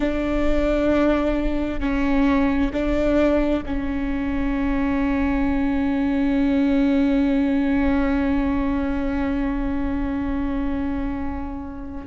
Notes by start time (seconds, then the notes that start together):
0.00 D4
1.80 C#4
2.72 D4
3.66 C#4